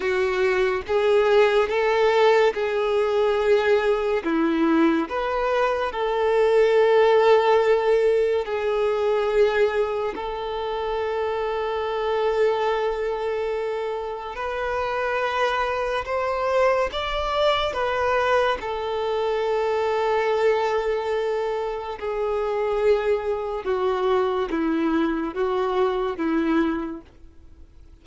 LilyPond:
\new Staff \with { instrumentName = "violin" } { \time 4/4 \tempo 4 = 71 fis'4 gis'4 a'4 gis'4~ | gis'4 e'4 b'4 a'4~ | a'2 gis'2 | a'1~ |
a'4 b'2 c''4 | d''4 b'4 a'2~ | a'2 gis'2 | fis'4 e'4 fis'4 e'4 | }